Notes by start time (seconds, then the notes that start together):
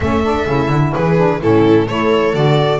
0.00 A3 C#4 A4 E5
0.23 D4
0.46 C#3 E4
0.69 D3
0.93 E3 G#4 B4
1.16 D4
1.40 A2 C#4 E4 A4
1.86 A3 E4 A4 C#5
2.33 D3 F#4 D5